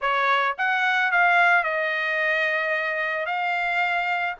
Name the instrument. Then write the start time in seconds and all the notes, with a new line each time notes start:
trumpet
0.01 C#5
0.58 F#5
1.11 F5
1.63 D#5
3.26 F5